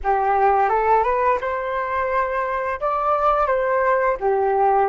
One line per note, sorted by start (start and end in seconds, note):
0.03 0.69 G4
0.69 1.03 A4
1.03 1.38 B4
1.40 2.80 C5
2.80 3.47 D5
3.47 4.16 C5
4.20 4.88 G4